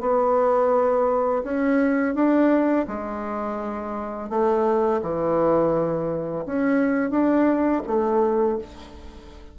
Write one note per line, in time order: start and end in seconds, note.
0.00 1.43 B3
1.44 2.14 C#4
2.14 2.86 D4
2.87 4.29 G#3
4.29 5.01 A3
5.02 6.44 E3
6.46 7.10 C#4
7.10 7.81 D4
7.86 8.58 A3